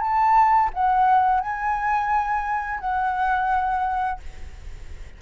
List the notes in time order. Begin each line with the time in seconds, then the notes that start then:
0.00 A5
0.73 F#5
1.40 G#5
2.80 F#5